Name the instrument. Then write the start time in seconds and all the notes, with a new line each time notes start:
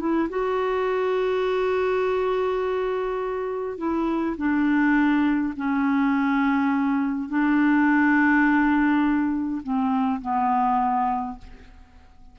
clarinet
0.00 E4
0.30 F#4
3.78 E4
4.37 D4
5.57 C#4
7.29 D4
9.63 C4
10.22 B3